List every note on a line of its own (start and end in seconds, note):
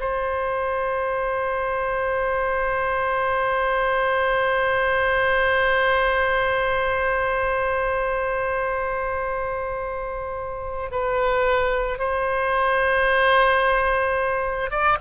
0.00 10.91 C5
10.92 11.99 B4
11.99 14.71 C5
14.71 14.98 D5